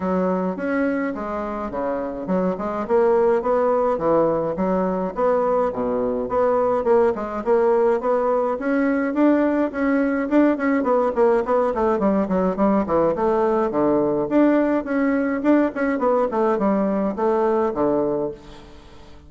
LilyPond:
\new Staff \with { instrumentName = "bassoon" } { \time 4/4 \tempo 4 = 105 fis4 cis'4 gis4 cis4 | fis8 gis8 ais4 b4 e4 | fis4 b4 b,4 b4 | ais8 gis8 ais4 b4 cis'4 |
d'4 cis'4 d'8 cis'8 b8 ais8 | b8 a8 g8 fis8 g8 e8 a4 | d4 d'4 cis'4 d'8 cis'8 | b8 a8 g4 a4 d4 | }